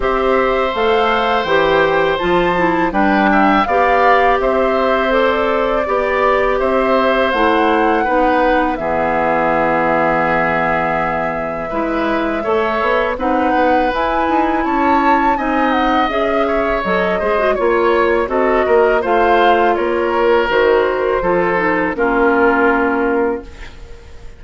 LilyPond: <<
  \new Staff \with { instrumentName = "flute" } { \time 4/4 \tempo 4 = 82 e''4 f''4 g''4 a''4 | g''4 f''4 e''4 d''4~ | d''4 e''4 fis''2 | e''1~ |
e''2 fis''4 gis''4 | a''4 gis''8 fis''8 e''4 dis''4 | cis''4 dis''4 f''4 cis''4 | c''2 ais'2 | }
  \new Staff \with { instrumentName = "oboe" } { \time 4/4 c''1 | b'8 e''8 d''4 c''2 | d''4 c''2 b'4 | gis'1 |
b'4 cis''4 b'2 | cis''4 dis''4. cis''4 c''8 | cis''4 a'8 ais'8 c''4 ais'4~ | ais'4 a'4 f'2 | }
  \new Staff \with { instrumentName = "clarinet" } { \time 4/4 g'4 a'4 g'4 f'8 e'8 | d'4 g'2 a'4 | g'2 e'4 dis'4 | b1 |
e'4 a'4 dis'4 e'4~ | e'4 dis'4 gis'4 a'8 gis'16 fis'16 | f'4 fis'4 f'2 | fis'4 f'8 dis'8 cis'2 | }
  \new Staff \with { instrumentName = "bassoon" } { \time 4/4 c'4 a4 e4 f4 | g4 b4 c'2 | b4 c'4 a4 b4 | e1 |
gis4 a8 b8 c'8 b8 e'8 dis'8 | cis'4 c'4 cis'4 fis8 gis8 | ais4 c'8 ais8 a4 ais4 | dis4 f4 ais2 | }
>>